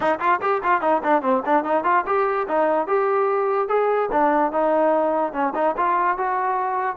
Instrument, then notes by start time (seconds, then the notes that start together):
trombone
0.00 D#4
0.19 F4
0.41 G4
0.63 F4
0.81 D#4
1.03 D4
1.22 C4
1.45 D4
1.64 D#4
1.84 F4
2.06 G4
2.48 D#4
2.87 G4
3.68 G#4
4.11 D4
4.52 D#4
5.32 C#4
5.55 D#4
5.76 F4
6.17 F#4